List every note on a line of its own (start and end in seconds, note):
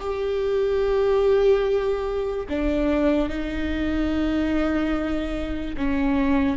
0.00 2.47 G4
2.49 3.29 D4
3.29 5.76 D#4
5.77 6.57 C#4